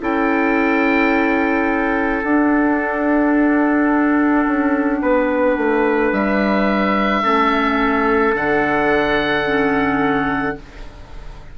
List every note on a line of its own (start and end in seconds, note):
0.00 2.23 C#4
0.00 2.22 E4
0.00 5.01 A4
0.00 2.23 G5
2.23 4.45 D4
2.23 7.24 D4
2.23 6.12 F#5
4.46 5.01 C#4
5.01 5.57 B3
5.01 7.23 B4
5.57 6.12 A3
6.12 7.23 G3
6.12 8.35 E5
7.23 8.34 A3
7.23 8.34 C#4
7.23 10.56 A4
8.34 10.56 D3
8.34 9.45 D4
8.34 10.58 F#5
9.45 10.56 C#4